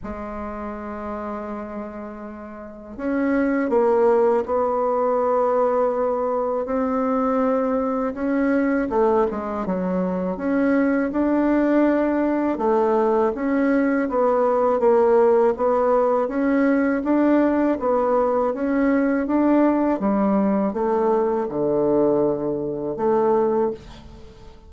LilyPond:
\new Staff \with { instrumentName = "bassoon" } { \time 4/4 \tempo 4 = 81 gis1 | cis'4 ais4 b2~ | b4 c'2 cis'4 | a8 gis8 fis4 cis'4 d'4~ |
d'4 a4 cis'4 b4 | ais4 b4 cis'4 d'4 | b4 cis'4 d'4 g4 | a4 d2 a4 | }